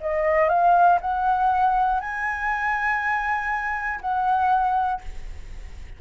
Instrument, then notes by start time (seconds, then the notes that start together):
flute
0.00 D#5
0.49 F5
1.00 F#5
2.00 G#5
4.01 F#5